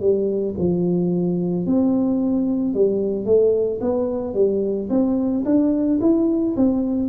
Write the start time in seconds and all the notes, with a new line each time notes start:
0.00 G3
0.59 F3
1.66 C4
2.74 G3
3.25 A3
3.81 B3
4.34 G3
4.90 C4
5.45 D4
6.01 E4
6.57 C4